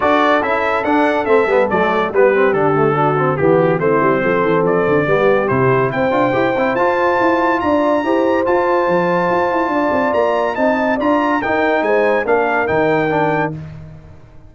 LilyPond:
<<
  \new Staff \with { instrumentName = "trumpet" } { \time 4/4 \tempo 4 = 142 d''4 e''4 fis''4 e''4 | d''4 b'4 a'2 | g'4 c''2 d''4~ | d''4 c''4 g''2 |
a''2 ais''2 | a''1 | ais''4 a''4 ais''4 g''4 | gis''4 f''4 g''2 | }
  \new Staff \with { instrumentName = "horn" } { \time 4/4 a'1~ | a'4 g'2 fis'4 | g'8 fis'8 e'4 a'2 | g'2 c''2~ |
c''2 d''4 c''4~ | c''2. d''4~ | d''4 dis''4 d''4 ais'4 | c''4 ais'2. | }
  \new Staff \with { instrumentName = "trombone" } { \time 4/4 fis'4 e'4 d'4 c'8 b8 | a4 b8 c'8 d'8 a8 d'8 c'8 | b4 c'2. | b4 e'4. f'8 g'8 e'8 |
f'2. g'4 | f'1~ | f'4 dis'4 f'4 dis'4~ | dis'4 d'4 dis'4 d'4 | }
  \new Staff \with { instrumentName = "tuba" } { \time 4/4 d'4 cis'4 d'4 a8 g8 | fis4 g4 d2 | e4 a8 g8 f8 e8 f8 d8 | g4 c4 c'8 d'8 e'8 c'8 |
f'4 e'4 d'4 e'4 | f'4 f4 f'8 e'8 d'8 c'8 | ais4 c'4 d'4 dis'4 | gis4 ais4 dis2 | }
>>